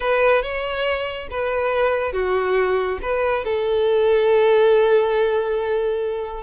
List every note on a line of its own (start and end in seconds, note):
0.00 0.42 B4
0.42 1.28 C#5
1.30 2.13 B4
2.13 2.98 F#4
3.02 3.44 B4
3.44 6.43 A4